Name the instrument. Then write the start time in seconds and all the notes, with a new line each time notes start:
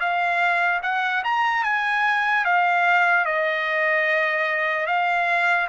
trumpet
0.00 F5
0.83 F#5
1.24 A#5
1.64 G#5
2.45 F5
3.25 D#5
4.86 F5